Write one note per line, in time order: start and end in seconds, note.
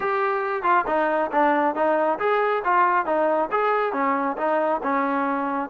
0.00 0.63 G4
0.63 0.84 F4
0.87 1.30 D#4
1.31 1.75 D4
1.75 2.19 D#4
2.19 2.63 G#4
2.64 3.05 F4
3.05 3.49 D#4
3.51 3.92 G#4
3.92 4.36 C#4
4.37 4.81 D#4
4.83 5.69 C#4